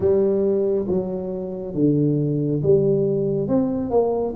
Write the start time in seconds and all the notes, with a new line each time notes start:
0.00 G3
0.87 F#3
1.74 D3
2.62 G3
3.47 C4
3.90 A#3